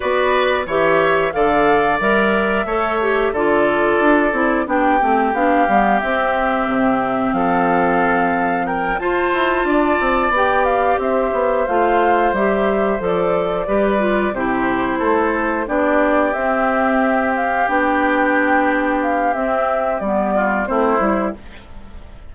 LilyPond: <<
  \new Staff \with { instrumentName = "flute" } { \time 4/4 \tempo 4 = 90 d''4 e''4 f''4 e''4~ | e''4 d''2 g''4 | f''4 e''2 f''4~ | f''4 g''8 a''2 g''8 |
f''8 e''4 f''4 e''4 d''8~ | d''4. c''2 d''8~ | d''8 e''4. f''8 g''4.~ | g''8 f''8 e''4 d''4 c''4 | }
  \new Staff \with { instrumentName = "oboe" } { \time 4/4 b'4 cis''4 d''2 | cis''4 a'2 g'4~ | g'2. a'4~ | a'4 ais'8 c''4 d''4.~ |
d''8 c''2.~ c''8~ | c''8 b'4 g'4 a'4 g'8~ | g'1~ | g'2~ g'8 f'8 e'4 | }
  \new Staff \with { instrumentName = "clarinet" } { \time 4/4 fis'4 g'4 a'4 ais'4 | a'8 g'8 f'4. e'8 d'8 c'8 | d'8 b8 c'2.~ | c'4. f'2 g'8~ |
g'4. f'4 g'4 a'8~ | a'8 g'8 f'8 e'2 d'8~ | d'8 c'2 d'4.~ | d'4 c'4 b4 c'8 e'8 | }
  \new Staff \with { instrumentName = "bassoon" } { \time 4/4 b4 e4 d4 g4 | a4 d4 d'8 c'8 b8 a8 | b8 g8 c'4 c4 f4~ | f4. f'8 e'8 d'8 c'8 b8~ |
b8 c'8 b8 a4 g4 f8~ | f8 g4 c4 a4 b8~ | b8 c'2 b4.~ | b4 c'4 g4 a8 g8 | }
>>